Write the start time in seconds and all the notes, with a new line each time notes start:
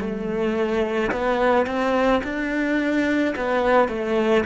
0.00 A3
1.12 B3
1.66 C4
2.23 D4
3.36 B3
3.88 A3